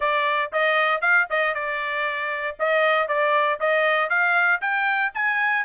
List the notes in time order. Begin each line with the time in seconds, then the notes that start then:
0.00 D5
0.52 D#5
1.01 F5
1.30 D#5
1.54 D5
2.59 D#5
3.07 D5
3.60 D#5
4.09 F5
4.61 G5
5.14 G#5